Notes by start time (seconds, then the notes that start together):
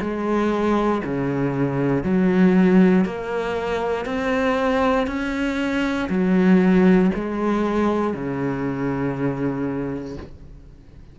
0.00 G#3
1.04 C#3
2.03 F#3
3.05 A#3
4.05 C4
5.07 C#4
6.09 F#3
7.15 G#3
8.14 C#3